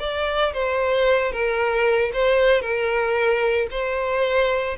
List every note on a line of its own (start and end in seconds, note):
0.00 0.53 D5
0.53 1.32 C5
1.32 2.12 A#4
2.13 2.61 C5
2.61 3.68 A#4
3.71 4.77 C5